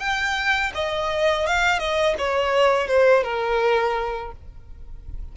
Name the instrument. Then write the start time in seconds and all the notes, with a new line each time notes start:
violin
0.00 G5
0.75 D#5
1.47 F5
1.79 D#5
2.19 C#5
2.88 C5
3.24 A#4